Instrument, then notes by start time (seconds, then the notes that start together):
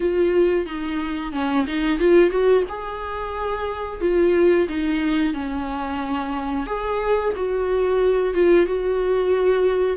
viola
0.00 F4
0.66 D#4
1.32 C#4
1.67 D#4
1.99 F4
2.30 F#4
2.68 G#4
4.01 F4
4.68 D#4
5.33 C#4
6.66 G#4
7.35 F#4
8.34 F4
8.65 F#4